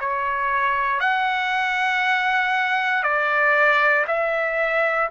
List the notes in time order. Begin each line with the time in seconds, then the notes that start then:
0.00 C#5
1.00 F#5
3.04 D5
4.08 E5